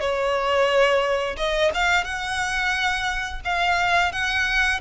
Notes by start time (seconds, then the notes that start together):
0.00 C#5
1.37 D#5
1.74 F5
2.04 F#5
3.45 F5
4.12 F#5